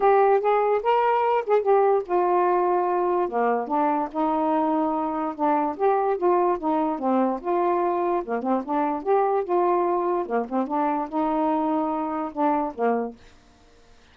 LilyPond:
\new Staff \with { instrumentName = "saxophone" } { \time 4/4 \tempo 4 = 146 g'4 gis'4 ais'4. gis'8 | g'4 f'2. | ais4 d'4 dis'2~ | dis'4 d'4 g'4 f'4 |
dis'4 c'4 f'2 | ais8 c'8 d'4 g'4 f'4~ | f'4 ais8 c'8 d'4 dis'4~ | dis'2 d'4 ais4 | }